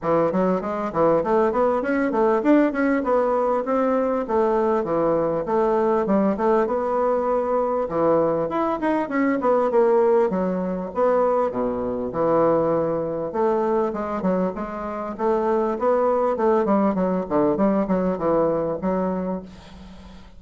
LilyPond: \new Staff \with { instrumentName = "bassoon" } { \time 4/4 \tempo 4 = 99 e8 fis8 gis8 e8 a8 b8 cis'8 a8 | d'8 cis'8 b4 c'4 a4 | e4 a4 g8 a8 b4~ | b4 e4 e'8 dis'8 cis'8 b8 |
ais4 fis4 b4 b,4 | e2 a4 gis8 fis8 | gis4 a4 b4 a8 g8 | fis8 d8 g8 fis8 e4 fis4 | }